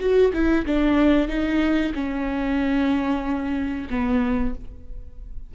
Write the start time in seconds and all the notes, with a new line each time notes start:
0.00 F#4
0.34 E4
0.66 D4
1.29 D#4
1.95 C#4
3.90 B3